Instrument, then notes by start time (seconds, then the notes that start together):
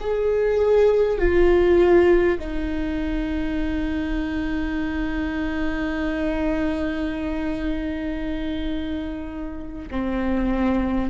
viola
0.00 G#4
1.18 F4
2.39 D#4
9.91 C4